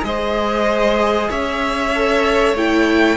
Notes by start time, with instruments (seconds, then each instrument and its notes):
0.00 cello G#3, viola G#4, violin D#5
0.06 violin C5
1.29 cello C#4, violin C#5 E5
1.95 viola A4
2.54 cello A3, viola E4, violin G5